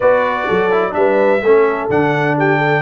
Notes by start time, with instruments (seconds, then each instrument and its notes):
0.00 tuba B3, trombone F#4, horn B4, trumpet D5
0.45 tuba F#3, horn A4
0.71 trombone E4
0.91 tuba G3, trombone D4, horn B4, trumpet E5
1.41 tuba A3, trombone C#4, horn A4
1.89 tuba D3, trombone D4, trumpet F#5
2.38 horn G4, trumpet G5
2.57 horn A4